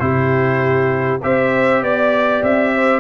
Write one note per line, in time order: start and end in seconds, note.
0.00 1.21 C3
0.00 1.20 E4
0.00 1.23 G4
0.00 1.20 C5
1.23 1.82 C4
1.23 3.00 G4
1.23 1.83 C5
1.23 1.83 E5
1.82 2.42 B3
1.82 2.43 D5
1.82 2.74 D5
2.43 3.00 C4
2.43 3.00 E5
2.75 3.00 C5